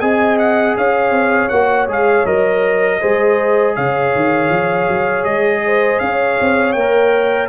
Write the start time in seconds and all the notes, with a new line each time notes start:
0.00 C4 G#4 D#5 G#5
0.39 F#5
0.77 C#4 C#5 F5
1.11 C4
1.49 A#3 F#4 F#5
1.87 G#3 G#4 F5
2.25 F#3 A#4 D#5
3.00 G#3 G#4 C5
3.76 C#3 C#5 F5
4.16 D#3
4.50 F3
4.88 F#3
5.24 G#3 D#5
5.65 C5
5.99 C#4 C#5 F5
6.41 C4
6.73 A#3 G5
6.79 A#4